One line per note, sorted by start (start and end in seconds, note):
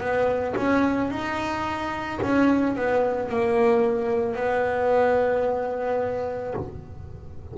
0.00 0.55 B3
0.56 1.10 C#4
1.10 2.19 D#4
2.22 2.75 C#4
2.75 3.28 B3
3.28 4.35 A#3
4.35 6.54 B3